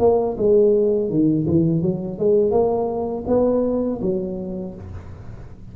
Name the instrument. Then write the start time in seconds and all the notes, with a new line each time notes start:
tuba
0.00 A#3
0.38 G#3
1.10 D#3
1.47 E3
1.82 F#3
2.19 G#3
2.51 A#3
3.27 B3
4.02 F#3